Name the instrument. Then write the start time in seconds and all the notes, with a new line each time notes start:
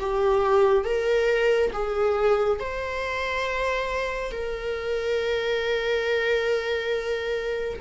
viola
0.00 G4
0.85 A#4
1.73 G#4
2.60 C5
4.32 A#4